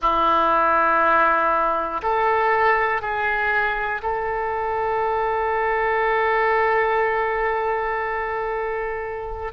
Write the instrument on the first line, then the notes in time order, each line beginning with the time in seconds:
oboe
0.01 E4
2.02 A4
3.01 G#4
4.02 A4